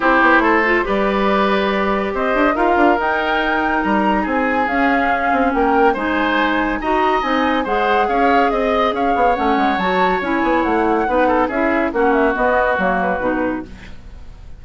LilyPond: <<
  \new Staff \with { instrumentName = "flute" } { \time 4/4 \tempo 4 = 141 c''2 d''2~ | d''4 dis''4 f''4 g''4~ | g''4 ais''4 gis''4 f''4~ | f''4 g''4 gis''2 |
ais''4 gis''4 fis''4 f''4 | dis''4 f''4 fis''4 a''4 | gis''4 fis''2 e''4 | fis''8 e''8 dis''4 cis''8 b'4. | }
  \new Staff \with { instrumentName = "oboe" } { \time 4/4 g'4 a'4 b'2~ | b'4 c''4 ais'2~ | ais'2 gis'2~ | gis'4 ais'4 c''2 |
dis''2 c''4 cis''4 | dis''4 cis''2.~ | cis''2 b'8 a'8 gis'4 | fis'1 | }
  \new Staff \with { instrumentName = "clarinet" } { \time 4/4 e'4. f'8 g'2~ | g'2 f'4 dis'4~ | dis'2. cis'4~ | cis'2 dis'2 |
fis'4 dis'4 gis'2~ | gis'2 cis'4 fis'4 | e'2 dis'4 e'4 | cis'4 b4 ais4 dis'4 | }
  \new Staff \with { instrumentName = "bassoon" } { \time 4/4 c'8 b8 a4 g2~ | g4 c'8 d'8 dis'8 d'8 dis'4~ | dis'4 g4 c'4 cis'4~ | cis'8 c'8 ais4 gis2 |
dis'4 c'4 gis4 cis'4 | c'4 cis'8 b8 a8 gis8 fis4 | cis'8 b8 a4 b4 cis'4 | ais4 b4 fis4 b,4 | }
>>